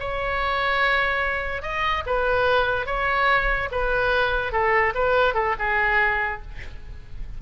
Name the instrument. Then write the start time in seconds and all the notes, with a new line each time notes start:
oboe
0.00 C#5
1.62 D#5
2.06 B4
2.86 C#5
3.71 B4
4.52 A4
4.94 B4
5.34 A4
5.59 G#4